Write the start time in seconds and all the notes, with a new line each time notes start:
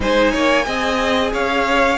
0.00 G#3 D#4 C5 G#5
0.32 A#3 C#5
0.64 C4 G#4 D#5
1.33 C#4 C#5 F5